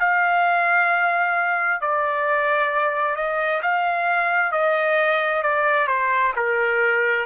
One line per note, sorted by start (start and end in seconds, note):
0.00 1.81 F5
1.81 3.16 D5
3.16 3.61 D#5
3.62 4.52 F5
4.52 5.43 D#5
5.43 5.87 D5
5.87 6.33 C5
6.36 7.26 A#4